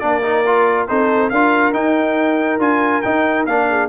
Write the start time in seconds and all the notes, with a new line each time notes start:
0.00 A#3 D4 A#4 D5
0.23 D#4
0.46 F4
0.88 C4 D#4 A4 C5
1.30 D4 F4 A#4 F5
1.73 D#4 G5
2.59 D4 F4 G#5
3.02 D#4 G5
3.46 A#3 D4 F5
3.69 G#4